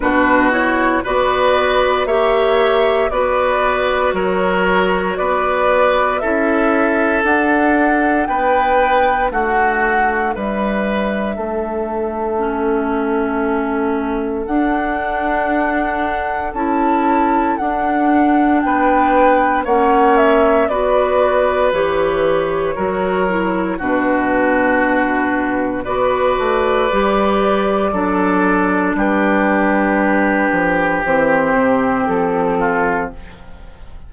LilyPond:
<<
  \new Staff \with { instrumentName = "flute" } { \time 4/4 \tempo 4 = 58 b'8 cis''8 d''4 e''4 d''4 | cis''4 d''4 e''4 fis''4 | g''4 fis''4 e''2~ | e''2 fis''2 |
a''4 fis''4 g''4 fis''8 e''8 | d''4 cis''2 b'4~ | b'4 d''2. | b'2 c''4 a'4 | }
  \new Staff \with { instrumentName = "oboe" } { \time 4/4 fis'4 b'4 cis''4 b'4 | ais'4 b'4 a'2 | b'4 fis'4 b'4 a'4~ | a'1~ |
a'2 b'4 cis''4 | b'2 ais'4 fis'4~ | fis'4 b'2 a'4 | g'2.~ g'8 f'8 | }
  \new Staff \with { instrumentName = "clarinet" } { \time 4/4 d'8 e'8 fis'4 g'4 fis'4~ | fis'2 e'4 d'4~ | d'1 | cis'2 d'2 |
e'4 d'2 cis'4 | fis'4 g'4 fis'8 e'8 d'4~ | d'4 fis'4 g'4 d'4~ | d'2 c'2 | }
  \new Staff \with { instrumentName = "bassoon" } { \time 4/4 b,4 b4 ais4 b4 | fis4 b4 cis'4 d'4 | b4 a4 g4 a4~ | a2 d'2 |
cis'4 d'4 b4 ais4 | b4 e4 fis4 b,4~ | b,4 b8 a8 g4 fis4 | g4. f8 e8 c8 f4 | }
>>